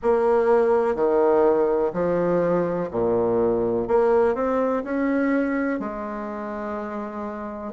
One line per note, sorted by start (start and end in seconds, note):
0.02 0.95 A#3
0.95 1.92 D#3
1.93 2.90 F3
2.90 3.87 A#2
3.87 4.34 A#3
4.34 4.83 C4
4.83 5.79 C#4
5.79 7.72 G#3